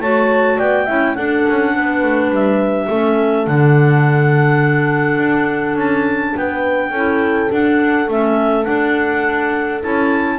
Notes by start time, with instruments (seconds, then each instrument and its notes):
0.00 double bass A3, clarinet F#4 A5, horn C#5
0.57 double bass B3, horn D5, clarinet G5
0.85 double bass C#4, clarinet E4, horn E5
1.15 clarinet D4 F#5, double bass D4, horn A4
1.49 double bass C#4
1.75 double bass B3, horn B4
2.03 double bass A3
2.30 double bass G3, clarinet E5
2.88 double bass A3, clarinet C#4, horn A4
3.46 double bass D3, clarinet D4 F#5
5.18 double bass D4
5.75 double bass C#4, clarinet A5
6.36 double bass B3, horn B4, clarinet G5
6.91 double bass C#4, clarinet E4, horn A4
7.49 clarinet D4 F#5, double bass D4
8.07 double bass A3, clarinet C#4 E5
8.64 clarinet D4 F#5, double bass D4
9.82 double bass C#4, clarinet E4 A5